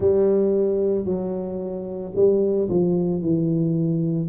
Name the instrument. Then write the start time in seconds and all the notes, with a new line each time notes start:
tuba
0.00 G3
1.05 F#3
2.15 G3
2.69 F3
3.21 E3